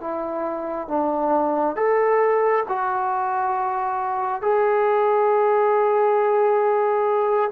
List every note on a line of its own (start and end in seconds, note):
0.00 0.88 E4
0.88 1.76 D4
1.76 2.64 A4
2.68 4.42 F#4
4.42 7.50 G#4